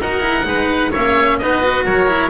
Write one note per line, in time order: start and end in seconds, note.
0.00 0.45 D#4
0.00 0.21 F#4
0.00 0.46 A#4
0.00 0.94 F#5
0.21 0.44 E4
0.45 0.91 G#3
0.45 0.91 D#4
0.45 0.91 B4
0.91 1.42 A#3
0.91 1.42 C#4
0.91 1.37 C#5
0.91 1.39 E5
1.39 1.86 B3
1.39 1.63 D#4
1.39 1.86 B4
1.39 1.84 D#5
1.63 2.08 F#4
1.85 2.30 F#3
1.85 2.30 A#4
1.85 2.30 C#5
2.08 2.30 E4